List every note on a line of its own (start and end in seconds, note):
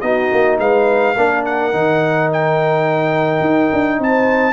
0.00 0.30 B3
0.00 1.15 D#4
0.00 0.59 F#4
0.00 0.57 D#5
0.32 0.59 A#3
0.59 1.15 G#3
0.59 1.16 B4
0.59 1.44 F5
1.16 1.73 A#3
1.16 1.72 D4
1.16 3.99 A#4
1.45 2.30 F#5
1.72 3.40 D#3
1.72 4.53 D#4
2.32 4.02 G5
3.40 3.69 D#4
3.72 3.99 D4
3.99 4.53 C4
3.99 4.53 C5
3.99 4.53 A5